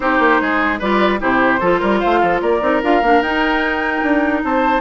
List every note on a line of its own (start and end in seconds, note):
0.00 0.19 C4
0.00 0.80 D#4
0.00 0.41 G4
0.00 0.80 C5
0.19 0.39 A#3
0.41 0.80 G#3
0.41 0.79 G#4
0.79 1.21 G3
0.79 1.19 F4
0.79 1.19 B4
0.79 1.20 D5
1.19 1.61 C3
1.19 1.59 E4
1.19 1.60 G4
1.19 1.99 C5
1.60 1.81 F3
1.60 2.61 F4
1.60 1.80 A4
1.80 2.02 G3
1.80 1.99 A#4
1.99 2.22 A3
1.99 2.19 C5
1.99 2.39 F5
2.21 2.41 F3
2.21 2.41 A4
2.41 2.61 A#3
2.41 4.43 A#4
2.41 2.82 D5
2.61 2.81 C4
2.61 2.81 D#4
2.82 3.02 D4
2.82 3.02 F4
2.82 3.22 F5
3.02 3.21 A#3
3.02 3.23 D4
3.21 4.02 D#4
3.21 4.80 D#4
3.21 4.42 G5
4.02 4.42 D4
4.43 4.80 C4
4.43 4.80 C5
4.43 4.80 A5